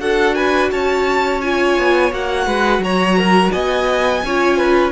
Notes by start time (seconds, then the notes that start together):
0.00 D4 F#4 A4 F#5
0.35 B4 G#5
0.71 C#4 C#5 A5
1.41 F4 G#5
1.78 B3
2.11 A#3 F#4 F#5
2.47 G#3 B4
2.79 F#3 C#5 A#5
3.18 A#4
3.52 B3 D#5 G#5
4.24 C#4 F4 C#5
4.57 B4